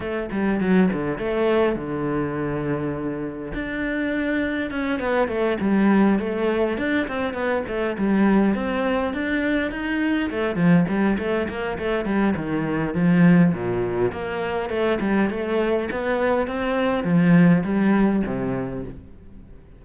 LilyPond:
\new Staff \with { instrumentName = "cello" } { \time 4/4 \tempo 4 = 102 a8 g8 fis8 d8 a4 d4~ | d2 d'2 | cis'8 b8 a8 g4 a4 d'8 | c'8 b8 a8 g4 c'4 d'8~ |
d'8 dis'4 a8 f8 g8 a8 ais8 | a8 g8 dis4 f4 ais,4 | ais4 a8 g8 a4 b4 | c'4 f4 g4 c4 | }